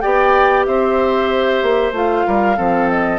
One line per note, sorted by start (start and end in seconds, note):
0.00 0.67 B3
0.00 1.93 G4
0.00 0.66 D5
0.00 0.64 G5
0.65 1.62 C4
0.65 2.26 C5
0.65 1.93 E5
1.62 1.92 A#3
1.92 2.24 A3
1.92 2.56 F4
1.92 2.89 F5
2.26 2.58 G3
2.26 2.57 A#4
2.56 3.18 F3
2.56 3.18 C4
2.56 3.18 A4
2.89 3.18 D#5